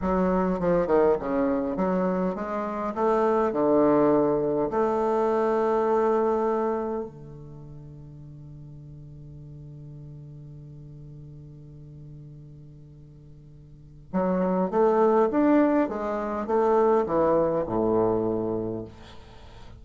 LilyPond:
\new Staff \with { instrumentName = "bassoon" } { \time 4/4 \tempo 4 = 102 fis4 f8 dis8 cis4 fis4 | gis4 a4 d2 | a1 | d1~ |
d1~ | d1 | fis4 a4 d'4 gis4 | a4 e4 a,2 | }